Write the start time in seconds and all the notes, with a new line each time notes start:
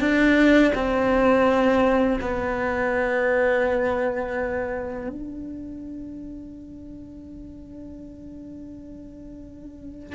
0.00 D4
0.75 C4
2.20 B3
5.09 D4